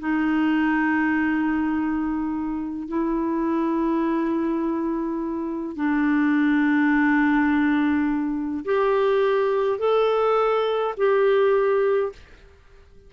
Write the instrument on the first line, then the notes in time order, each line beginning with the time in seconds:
clarinet
0.00 D#4
2.88 E4
5.76 D4
8.65 G4
9.79 A4
10.98 G4